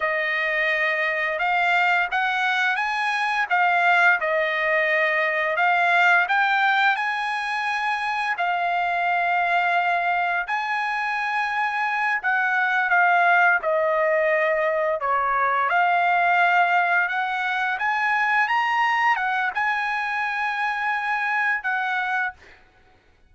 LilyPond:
\new Staff \with { instrumentName = "trumpet" } { \time 4/4 \tempo 4 = 86 dis''2 f''4 fis''4 | gis''4 f''4 dis''2 | f''4 g''4 gis''2 | f''2. gis''4~ |
gis''4. fis''4 f''4 dis''8~ | dis''4. cis''4 f''4.~ | f''8 fis''4 gis''4 ais''4 fis''8 | gis''2. fis''4 | }